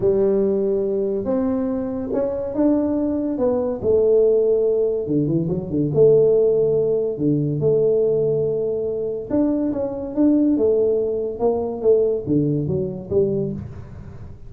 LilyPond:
\new Staff \with { instrumentName = "tuba" } { \time 4/4 \tempo 4 = 142 g2. c'4~ | c'4 cis'4 d'2 | b4 a2. | d8 e8 fis8 d8 a2~ |
a4 d4 a2~ | a2 d'4 cis'4 | d'4 a2 ais4 | a4 d4 fis4 g4 | }